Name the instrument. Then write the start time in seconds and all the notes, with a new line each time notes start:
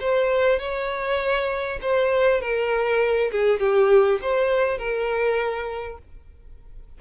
violin
0.00 C5
0.59 C#5
1.82 C5
2.41 A#4
3.31 G#4
3.59 G4
4.21 C5
4.78 A#4